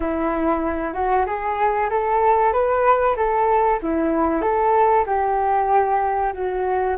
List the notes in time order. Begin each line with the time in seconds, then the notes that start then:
0.00 E4
0.93 F#4
1.26 G#4
1.89 A4
2.52 B4
3.16 A4
3.82 E4
4.41 A4
5.06 G4
6.33 F#4